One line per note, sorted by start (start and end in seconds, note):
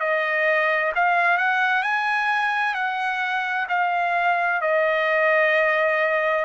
0.00 0.92 D#5
0.95 1.37 F5
1.37 1.83 F#5
1.83 2.74 G#5
2.74 3.67 F#5
3.69 4.61 F5
4.61 6.45 D#5